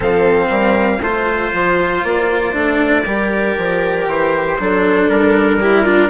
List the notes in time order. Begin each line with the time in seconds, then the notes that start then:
0.00 F3 C4 A4 F5
0.49 G3 A#4
1.00 A3 F4 C5
1.53 F3
2.03 A#3 D5
2.52 A3 D4
3.05 G3 G4 A#4
3.57 F3
4.07 E3 C5
4.58 F#3 D4 A4
5.08 G3 A#4
5.60 E4 G4
5.83 D4 F4